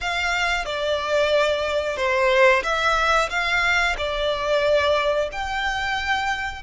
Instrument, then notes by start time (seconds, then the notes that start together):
violin
0.00 F5
0.65 D5
1.96 C5
2.63 E5
3.29 F5
3.97 D5
5.32 G5